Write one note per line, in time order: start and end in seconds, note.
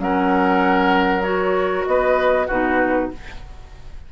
0.00 1.86 F#3
0.00 1.23 C#4
0.00 1.89 A#4
0.00 1.23 F#5
1.23 2.46 F#4
1.23 1.85 C#5
1.87 2.49 B3
1.87 2.48 B4
1.87 2.48 D#5
2.48 3.12 B2
2.48 3.13 D#4
2.48 3.09 F#4
2.48 3.11 B4